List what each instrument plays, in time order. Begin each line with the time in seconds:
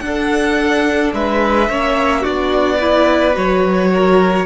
0.00 cello D4, viola D4, violin A4 F#5
1.13 cello G#3, violin B4 E5
1.69 cello A#3, viola C#4, violin C#5
2.20 viola D4, violin F#4 D5
2.26 cello B3
2.78 viola E4, violin B4
3.34 cello F#3, viola F#4, violin C#5
3.93 violin A#4